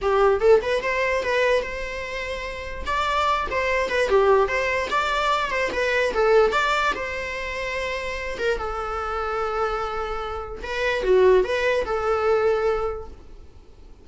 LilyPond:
\new Staff \with { instrumentName = "viola" } { \time 4/4 \tempo 4 = 147 g'4 a'8 b'8 c''4 b'4 | c''2. d''4~ | d''8 c''4 b'8 g'4 c''4 | d''4. c''8 b'4 a'4 |
d''4 c''2.~ | c''8 ais'8 a'2.~ | a'2 b'4 fis'4 | b'4 a'2. | }